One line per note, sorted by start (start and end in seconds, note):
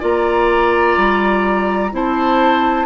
0.00 0.97 A#3
0.00 1.91 F4
0.00 1.90 D5
0.00 1.94 A#5
0.97 1.92 G3
1.92 2.86 C4
1.92 2.86 E4
1.92 2.86 C5
1.92 2.86 A5